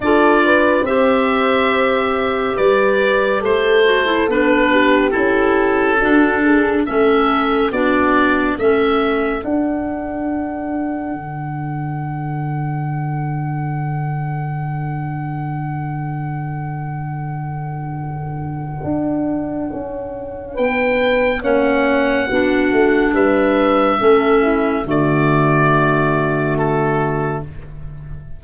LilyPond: <<
  \new Staff \with { instrumentName = "oboe" } { \time 4/4 \tempo 4 = 70 d''4 e''2 d''4 | c''4 b'4 a'2 | e''4 d''4 e''4 fis''4~ | fis''1~ |
fis''1~ | fis''1 | g''4 fis''2 e''4~ | e''4 d''2 a'4 | }
  \new Staff \with { instrumentName = "horn" } { \time 4/4 a'8 b'8 c''2 b'4 | a'4. g'4. fis'8 gis'8 | a'4 fis'4 a'2~ | a'1~ |
a'1~ | a'1 | b'4 cis''4 fis'4 b'4 | a'8 e'8 fis'2. | }
  \new Staff \with { instrumentName = "clarinet" } { \time 4/4 f'4 g'2.~ | g'8 fis'16 e'16 d'4 e'4 d'4 | cis'4 d'4 cis'4 d'4~ | d'1~ |
d'1~ | d'1~ | d'4 cis'4 d'2 | cis'4 a2. | }
  \new Staff \with { instrumentName = "tuba" } { \time 4/4 d'4 c'2 g4 | a4 b4 cis'4 d'4 | a4 b4 a4 d'4~ | d'4 d2.~ |
d1~ | d2 d'4 cis'4 | b4 ais4 b8 a8 g4 | a4 d2. | }
>>